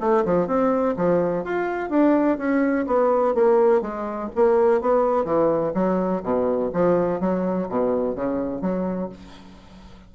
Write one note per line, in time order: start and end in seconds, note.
0.00 0.24 A3
0.24 0.47 F3
0.47 0.95 C4
0.96 1.44 F3
1.44 1.90 F4
1.90 2.38 D4
2.38 2.86 C#4
2.86 3.34 B3
3.34 3.81 A#3
3.81 4.29 G#3
4.35 4.81 A#3
4.81 5.25 B3
5.25 5.73 E3
5.74 6.22 F#3
6.23 6.71 B2
6.73 7.20 F3
7.20 7.68 F#3
7.69 8.15 B2
8.15 8.61 C#3
8.61 9.09 F#3